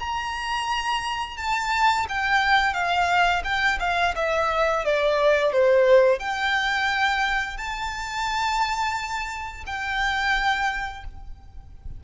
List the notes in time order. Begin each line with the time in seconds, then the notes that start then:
0.00 A#5
1.38 A5
2.09 G5
2.74 F5
3.44 G5
3.80 F5
4.16 E5
4.85 D5
5.53 C5
6.19 G5
7.57 A5
9.66 G5